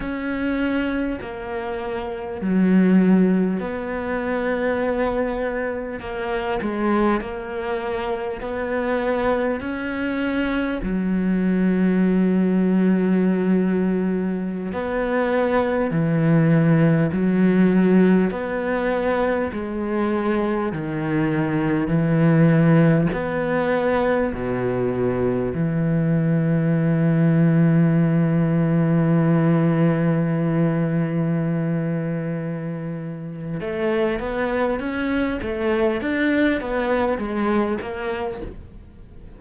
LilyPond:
\new Staff \with { instrumentName = "cello" } { \time 4/4 \tempo 4 = 50 cis'4 ais4 fis4 b4~ | b4 ais8 gis8 ais4 b4 | cis'4 fis2.~ | fis16 b4 e4 fis4 b8.~ |
b16 gis4 dis4 e4 b8.~ | b16 b,4 e2~ e8.~ | e1 | a8 b8 cis'8 a8 d'8 b8 gis8 ais8 | }